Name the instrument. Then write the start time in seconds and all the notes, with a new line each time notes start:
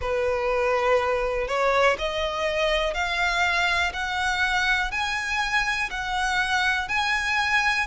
violin
0.00 B4
1.47 C#5
1.98 D#5
2.93 F5
3.93 F#5
4.91 G#5
5.90 F#5
6.88 G#5